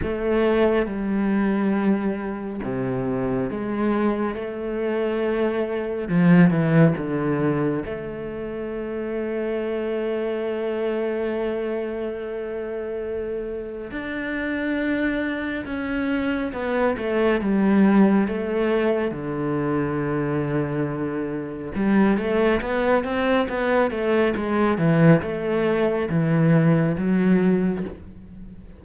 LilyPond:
\new Staff \with { instrumentName = "cello" } { \time 4/4 \tempo 4 = 69 a4 g2 c4 | gis4 a2 f8 e8 | d4 a2.~ | a1 |
d'2 cis'4 b8 a8 | g4 a4 d2~ | d4 g8 a8 b8 c'8 b8 a8 | gis8 e8 a4 e4 fis4 | }